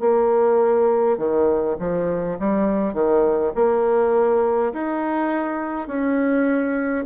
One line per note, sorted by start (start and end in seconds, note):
0.00 1.18 A#3
1.18 1.76 D#3
1.79 2.38 F3
2.40 2.94 G3
2.94 3.52 D#3
3.55 4.73 A#3
4.73 5.88 D#4
5.88 7.05 C#4